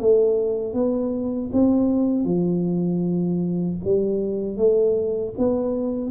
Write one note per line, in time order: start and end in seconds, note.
0.00 0.74 A3
0.74 1.51 B3
1.53 2.24 C4
2.24 3.78 F3
3.84 4.57 G3
4.57 5.34 A3
5.38 6.10 B3